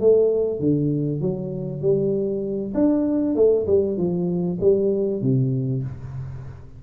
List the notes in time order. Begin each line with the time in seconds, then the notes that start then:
0.00 A3
0.60 D3
1.21 F#3
1.81 G3
2.74 D4
3.36 A3
3.67 G3
3.97 F3
4.61 G3
5.22 C3